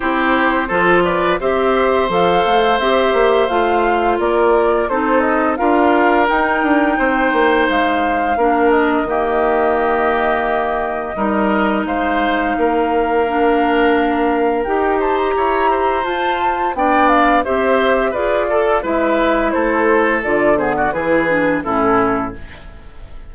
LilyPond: <<
  \new Staff \with { instrumentName = "flute" } { \time 4/4 \tempo 4 = 86 c''4. d''8 e''4 f''4 | e''4 f''4 d''4 c''8 dis''8 | f''4 g''2 f''4~ | f''8 dis''2.~ dis''8~ |
dis''4 f''2.~ | f''4 g''8 a''16 ais''4~ ais''16 a''4 | g''8 f''8 e''4 d''4 e''4 | c''4 d''8 c''16 d''16 b'4 a'4 | }
  \new Staff \with { instrumentName = "oboe" } { \time 4/4 g'4 a'8 b'8 c''2~ | c''2 ais'4 a'4 | ais'2 c''2 | ais'4 g'2. |
ais'4 c''4 ais'2~ | ais'4. c''8 cis''8 c''4. | d''4 c''4 b'8 a'8 b'4 | a'4. gis'16 fis'16 gis'4 e'4 | }
  \new Staff \with { instrumentName = "clarinet" } { \time 4/4 e'4 f'4 g'4 a'4 | g'4 f'2 dis'4 | f'4 dis'2. | d'4 ais2. |
dis'2. d'4~ | d'4 g'2 f'4 | d'4 g'4 gis'8 a'8 e'4~ | e'4 f'8 b8 e'8 d'8 cis'4 | }
  \new Staff \with { instrumentName = "bassoon" } { \time 4/4 c'4 f4 c'4 f8 a8 | c'8 ais8 a4 ais4 c'4 | d'4 dis'8 d'8 c'8 ais8 gis4 | ais4 dis2. |
g4 gis4 ais2~ | ais4 dis'4 e'4 f'4 | b4 c'4 f'4 gis4 | a4 d4 e4 a,4 | }
>>